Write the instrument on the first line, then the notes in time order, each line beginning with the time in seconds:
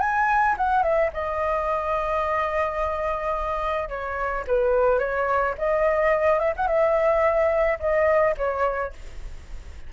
flute
0.00 G#5
0.57 F#5
0.83 E5
1.13 D#5
3.89 C#5
4.47 B4
4.99 C#5
5.58 D#5
6.39 E5
6.57 F#5
6.67 E5
7.79 D#5
8.37 C#5